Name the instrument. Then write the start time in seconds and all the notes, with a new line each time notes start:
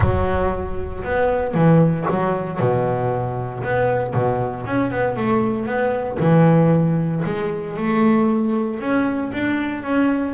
double bass
0.00 F#3
1.03 B3
1.54 E3
2.09 F#3
2.59 B2
3.63 B3
4.13 B2
4.66 C#4
4.90 B3
5.16 A3
5.66 B3
6.19 E3
7.25 G#3
7.76 A3
8.80 C#4
9.32 D4
9.82 C#4